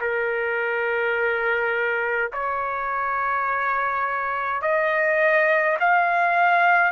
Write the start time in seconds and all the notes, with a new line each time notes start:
0.00 A#4
2.32 C#5
4.62 D#5
5.80 F5